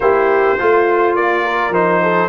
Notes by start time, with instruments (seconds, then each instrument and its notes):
0.00 tuba A#3, trombone E4, horn G4, trumpet C5
0.58 tuba A3, horn F4, trombone F4
1.15 tuba A#3, trumpet D5
1.43 horn A#4
1.69 tuba F3, trombone D#4, trumpet C5
2.02 horn A4